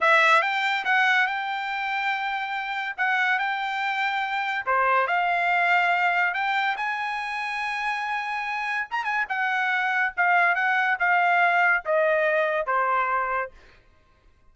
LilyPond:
\new Staff \with { instrumentName = "trumpet" } { \time 4/4 \tempo 4 = 142 e''4 g''4 fis''4 g''4~ | g''2. fis''4 | g''2. c''4 | f''2. g''4 |
gis''1~ | gis''4 ais''8 gis''8 fis''2 | f''4 fis''4 f''2 | dis''2 c''2 | }